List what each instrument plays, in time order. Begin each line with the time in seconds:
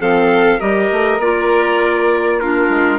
0.00 bassoon F3, clarinet C4, violin A4, trumpet F5
0.60 bassoon G3, clarinet G4, violin A#4, trumpet D#5
0.91 bassoon A3
1.19 bassoon A#3, clarinet F4, trumpet D5
2.40 clarinet D4, violin F4, trumpet A#4
2.69 bassoon G#3